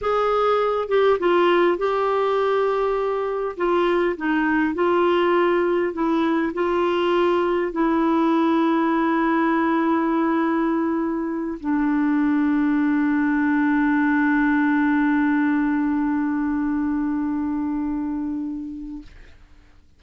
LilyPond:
\new Staff \with { instrumentName = "clarinet" } { \time 4/4 \tempo 4 = 101 gis'4. g'8 f'4 g'4~ | g'2 f'4 dis'4 | f'2 e'4 f'4~ | f'4 e'2.~ |
e'2.~ e'8 d'8~ | d'1~ | d'1~ | d'1 | }